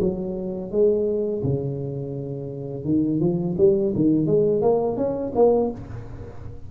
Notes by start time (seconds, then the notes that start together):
0.00 F#3
0.71 G#3
1.43 C#3
2.84 D#3
3.20 F3
3.58 G3
3.95 D#3
4.27 G#3
4.62 A#3
4.97 C#4
5.35 A#3